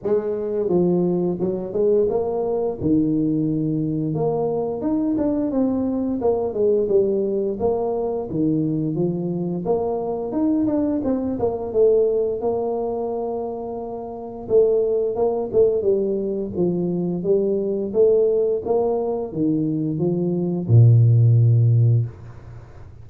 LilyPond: \new Staff \with { instrumentName = "tuba" } { \time 4/4 \tempo 4 = 87 gis4 f4 fis8 gis8 ais4 | dis2 ais4 dis'8 d'8 | c'4 ais8 gis8 g4 ais4 | dis4 f4 ais4 dis'8 d'8 |
c'8 ais8 a4 ais2~ | ais4 a4 ais8 a8 g4 | f4 g4 a4 ais4 | dis4 f4 ais,2 | }